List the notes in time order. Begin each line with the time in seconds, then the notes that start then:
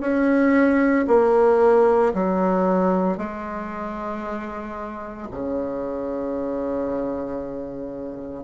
0.00 C#4
1.07 A#3
2.13 F#3
3.17 G#3
5.31 C#3